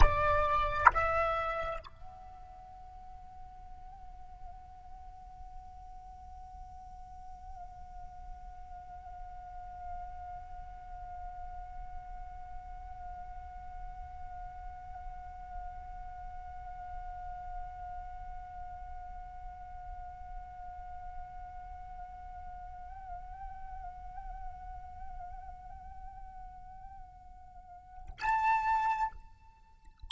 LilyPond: \new Staff \with { instrumentName = "flute" } { \time 4/4 \tempo 4 = 66 d''4 e''4 fis''2~ | fis''1~ | fis''1~ | fis''1~ |
fis''1~ | fis''1~ | fis''1~ | fis''2. a''4 | }